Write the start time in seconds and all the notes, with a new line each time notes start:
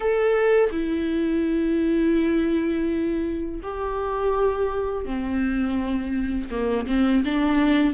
0.00 A4
0.71 E4
3.62 G4
5.05 C4
6.50 A#3
6.87 C4
7.25 D4